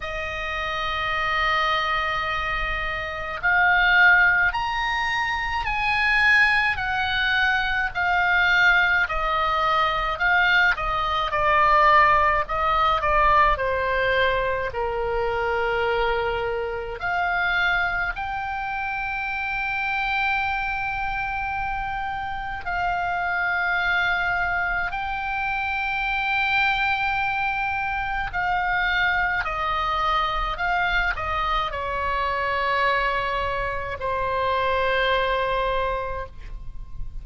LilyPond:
\new Staff \with { instrumentName = "oboe" } { \time 4/4 \tempo 4 = 53 dis''2. f''4 | ais''4 gis''4 fis''4 f''4 | dis''4 f''8 dis''8 d''4 dis''8 d''8 | c''4 ais'2 f''4 |
g''1 | f''2 g''2~ | g''4 f''4 dis''4 f''8 dis''8 | cis''2 c''2 | }